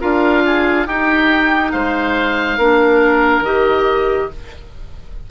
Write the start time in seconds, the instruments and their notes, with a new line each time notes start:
0.00 bassoon D4, clarinet F4, oboe A#4 F5
0.45 oboe G#4
0.86 bassoon D#4, clarinet D#4, oboe G4 G5
1.71 bassoon G#3, oboe C5 F5
2.57 bassoon A#3, clarinet D4, oboe A#4
3.40 bassoon D#3, clarinet G4, oboe D#5